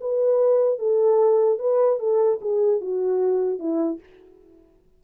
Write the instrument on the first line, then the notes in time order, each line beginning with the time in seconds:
horn
0.00 B4
0.79 A4
1.59 B4
1.99 A4
2.41 G#4
2.81 F#4
3.59 E4